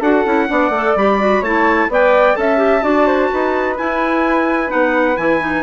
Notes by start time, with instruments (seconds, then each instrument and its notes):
0.00 bassoon D4, clarinet F#4, flute A4, trumpet F#5
0.26 bassoon C#4, clarinet E4
0.48 bassoon B3, clarinet D4, flute D5
0.70 bassoon A3, clarinet A4
0.96 bassoon G3, clarinet G4, trumpet B5
1.20 clarinet F#4
1.41 bassoon A3, clarinet E4, flute C#5, trumpet A5
1.89 bassoon B3, clarinet B4, flute D5, trumpet G5
2.35 bassoon C#4, clarinet A4, flute E5, trumpet A5
2.58 clarinet G4
2.82 bassoon D4, clarinet F#4, flute D5
3.07 flute C5
3.33 bassoon D#4, flute B4
3.78 clarinet E4, bassoon E4, trumpet G#5
4.68 bassoon B3, clarinet D#4, trumpet F#5
5.17 bassoon E3, clarinet E4, trumpet G#5
5.40 clarinet D#4